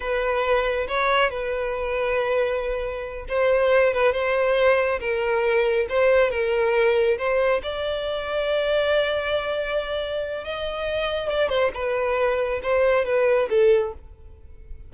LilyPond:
\new Staff \with { instrumentName = "violin" } { \time 4/4 \tempo 4 = 138 b'2 cis''4 b'4~ | b'2.~ b'8 c''8~ | c''4 b'8 c''2 ais'8~ | ais'4. c''4 ais'4.~ |
ais'8 c''4 d''2~ d''8~ | d''1 | dis''2 d''8 c''8 b'4~ | b'4 c''4 b'4 a'4 | }